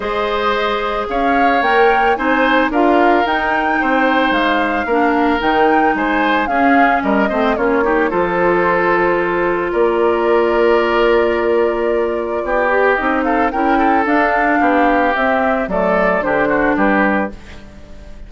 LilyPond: <<
  \new Staff \with { instrumentName = "flute" } { \time 4/4 \tempo 4 = 111 dis''2 f''4 g''4 | gis''4 f''4 g''2 | f''2 g''4 gis''4 | f''4 dis''4 cis''4 c''4~ |
c''2 d''2~ | d''1 | dis''8 f''8 g''4 f''2 | e''4 d''4 c''4 b'4 | }
  \new Staff \with { instrumentName = "oboe" } { \time 4/4 c''2 cis''2 | c''4 ais'2 c''4~ | c''4 ais'2 c''4 | gis'4 ais'8 c''8 f'8 g'8 a'4~ |
a'2 ais'2~ | ais'2. g'4~ | g'8 a'8 ais'8 a'4. g'4~ | g'4 a'4 g'8 fis'8 g'4 | }
  \new Staff \with { instrumentName = "clarinet" } { \time 4/4 gis'2. ais'4 | dis'4 f'4 dis'2~ | dis'4 d'4 dis'2 | cis'4. c'8 cis'8 dis'8 f'4~ |
f'1~ | f'2.~ f'8 g'8 | dis'4 e'4 d'2 | c'4 a4 d'2 | }
  \new Staff \with { instrumentName = "bassoon" } { \time 4/4 gis2 cis'4 ais4 | c'4 d'4 dis'4 c'4 | gis4 ais4 dis4 gis4 | cis'4 g8 a8 ais4 f4~ |
f2 ais2~ | ais2. b4 | c'4 cis'4 d'4 b4 | c'4 fis4 d4 g4 | }
>>